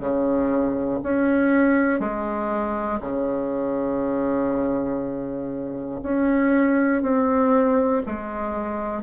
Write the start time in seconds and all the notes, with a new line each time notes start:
0.00 C#3
1.03 C#4
2.00 G#3
3.00 C#3
6.02 C#4
7.02 C4
8.06 G#3